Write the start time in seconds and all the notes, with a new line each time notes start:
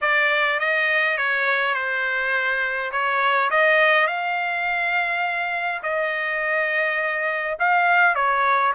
0.01 D5
0.59 D#5
1.17 C#5
1.74 C5
2.91 C#5
3.50 D#5
4.07 F5
5.82 D#5
7.59 F5
8.15 C#5